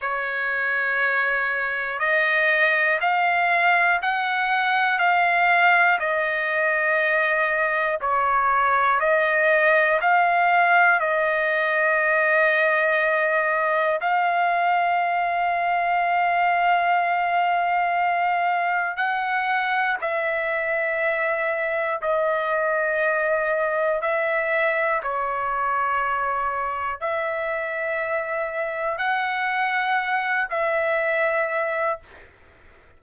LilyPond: \new Staff \with { instrumentName = "trumpet" } { \time 4/4 \tempo 4 = 60 cis''2 dis''4 f''4 | fis''4 f''4 dis''2 | cis''4 dis''4 f''4 dis''4~ | dis''2 f''2~ |
f''2. fis''4 | e''2 dis''2 | e''4 cis''2 e''4~ | e''4 fis''4. e''4. | }